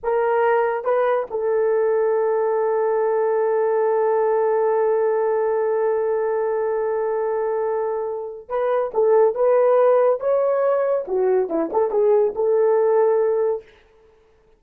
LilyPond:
\new Staff \with { instrumentName = "horn" } { \time 4/4 \tempo 4 = 141 ais'2 b'4 a'4~ | a'1~ | a'1~ | a'1~ |
a'1 | b'4 a'4 b'2 | cis''2 fis'4 e'8 a'8 | gis'4 a'2. | }